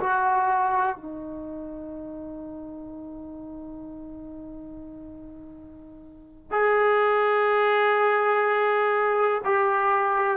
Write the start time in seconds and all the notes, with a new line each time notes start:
0.00 F#4
0.96 D#4
6.51 G#4
9.44 G4